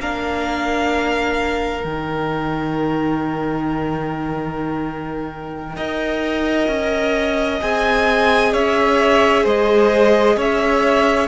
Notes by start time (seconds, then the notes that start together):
0.00 A#3 D4 A#4 F5
1.85 D#3 D#4 G5
5.77 D#4 A#4 D#5
6.68 C#4
7.61 C4 G#4 G#5
8.53 C#4 C#5 E5
9.44 G#3 C5 D#5
10.37 C#4 C#5 E5